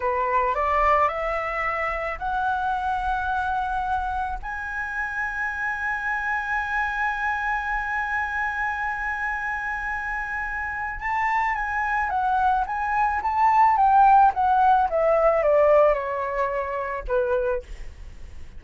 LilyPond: \new Staff \with { instrumentName = "flute" } { \time 4/4 \tempo 4 = 109 b'4 d''4 e''2 | fis''1 | gis''1~ | gis''1~ |
gis''1 | a''4 gis''4 fis''4 gis''4 | a''4 g''4 fis''4 e''4 | d''4 cis''2 b'4 | }